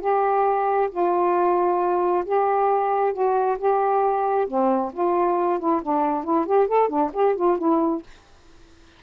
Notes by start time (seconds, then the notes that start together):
0.00 G4
0.91 F4
2.25 G4
3.13 F#4
3.58 G4
4.47 C4
4.93 F4
5.59 E4
5.82 D4
6.24 E4
6.46 G4
6.67 A4
6.88 D4
7.13 G4
7.36 F4
7.58 E4